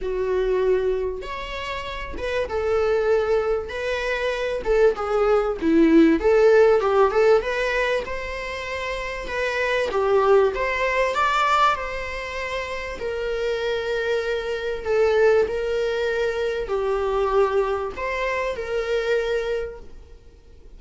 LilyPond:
\new Staff \with { instrumentName = "viola" } { \time 4/4 \tempo 4 = 97 fis'2 cis''4. b'8 | a'2 b'4. a'8 | gis'4 e'4 a'4 g'8 a'8 | b'4 c''2 b'4 |
g'4 c''4 d''4 c''4~ | c''4 ais'2. | a'4 ais'2 g'4~ | g'4 c''4 ais'2 | }